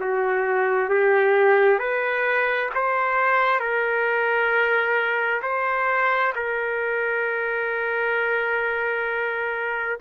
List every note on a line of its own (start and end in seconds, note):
0.00 0.89 F#4
0.89 1.79 G4
1.79 2.70 B4
2.74 3.60 C5
3.60 5.41 A#4
5.42 6.33 C5
6.35 9.99 A#4